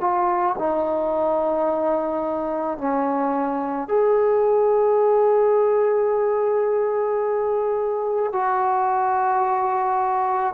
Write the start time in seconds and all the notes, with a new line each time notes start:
0.00 F4
0.59 D#4
2.78 C#4
3.88 G#4
8.33 F#4